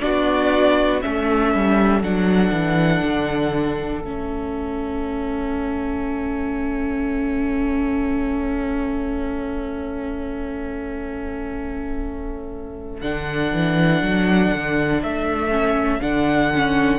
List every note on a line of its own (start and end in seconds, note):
0.00 1.03 B3
0.00 1.00 D4
0.00 1.03 F#4
0.00 1.00 D5
1.02 1.54 A3
1.02 2.02 C#4
1.02 16.99 A4
1.02 2.02 E5
1.54 2.01 G3
2.01 2.51 F#3
2.01 4.03 D4
2.01 4.03 F#5
2.52 3.02 E3
3.03 4.01 D3
4.01 13.01 A3
4.01 13.01 C#4
4.01 13.01 E5
13.01 13.52 D3
13.01 15.50 D4
13.01 15.01 F#5
13.52 14.01 E3
14.01 14.51 F#3
14.53 15.03 D3
15.03 16.00 A3
15.03 16.02 E5
15.50 16.00 C#4
16.00 16.99 D3
16.00 16.51 D4
16.00 16.99 F#5
16.55 16.99 C#4